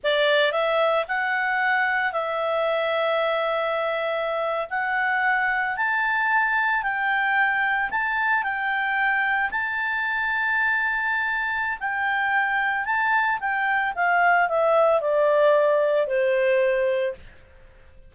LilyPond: \new Staff \with { instrumentName = "clarinet" } { \time 4/4 \tempo 4 = 112 d''4 e''4 fis''2 | e''1~ | e''8. fis''2 a''4~ a''16~ | a''8. g''2 a''4 g''16~ |
g''4.~ g''16 a''2~ a''16~ | a''2 g''2 | a''4 g''4 f''4 e''4 | d''2 c''2 | }